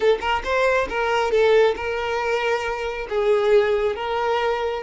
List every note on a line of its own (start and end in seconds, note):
0.00 0.19 A4
0.20 0.42 A#4
0.44 0.87 C5
0.89 1.31 A#4
1.31 1.74 A4
1.76 3.07 A#4
3.09 3.95 G#4
3.95 4.83 A#4